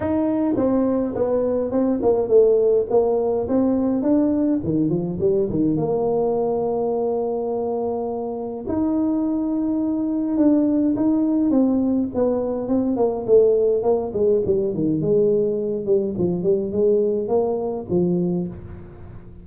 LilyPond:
\new Staff \with { instrumentName = "tuba" } { \time 4/4 \tempo 4 = 104 dis'4 c'4 b4 c'8 ais8 | a4 ais4 c'4 d'4 | dis8 f8 g8 dis8 ais2~ | ais2. dis'4~ |
dis'2 d'4 dis'4 | c'4 b4 c'8 ais8 a4 | ais8 gis8 g8 dis8 gis4. g8 | f8 g8 gis4 ais4 f4 | }